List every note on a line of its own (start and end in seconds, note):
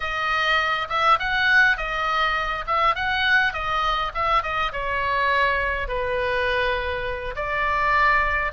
0.00 0.87 D#5
0.89 1.18 E5
1.19 1.77 F#5
1.77 2.65 D#5
2.66 2.95 E5
2.95 3.53 F#5
3.53 4.12 D#5
4.14 4.42 E5
4.42 4.72 D#5
4.72 5.88 C#5
5.88 7.35 B4
7.35 8.52 D5